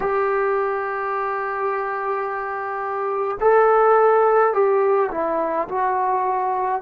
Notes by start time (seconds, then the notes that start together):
0.00 G4
3.40 A4
4.53 G4
5.11 E4
5.68 F#4